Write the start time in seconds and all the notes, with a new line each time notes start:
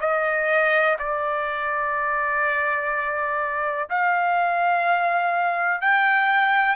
0.00 D#5
0.99 D5
3.89 F5
5.81 G5